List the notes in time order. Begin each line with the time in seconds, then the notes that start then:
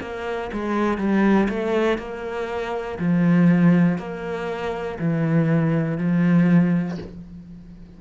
0.00 A#3
0.52 G#3
0.98 G3
1.49 A3
1.98 A#3
2.99 F3
3.98 A#3
4.99 E3
5.98 F3